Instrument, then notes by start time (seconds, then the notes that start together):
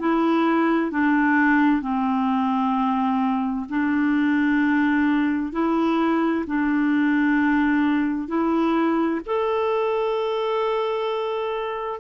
clarinet
0.00 E4
0.92 D4
1.82 C4
3.70 D4
5.53 E4
6.47 D4
8.29 E4
9.26 A4